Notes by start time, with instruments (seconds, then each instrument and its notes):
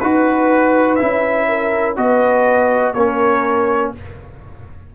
0.00 tuba D#4, trombone F#4, trumpet B4, horn B4
0.95 trombone E4, trumpet E5
1.02 tuba C#4
1.48 horn A#4
1.96 tuba B3, trombone F#4, horn B4, trumpet D#5
2.93 tuba A#3, trombone C#4, horn A#4, trumpet C#5